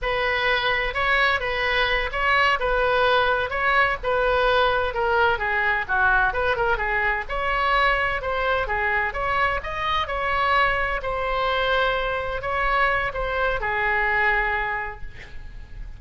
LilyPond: \new Staff \with { instrumentName = "oboe" } { \time 4/4 \tempo 4 = 128 b'2 cis''4 b'4~ | b'8 cis''4 b'2 cis''8~ | cis''8 b'2 ais'4 gis'8~ | gis'8 fis'4 b'8 ais'8 gis'4 cis''8~ |
cis''4. c''4 gis'4 cis''8~ | cis''8 dis''4 cis''2 c''8~ | c''2~ c''8 cis''4. | c''4 gis'2. | }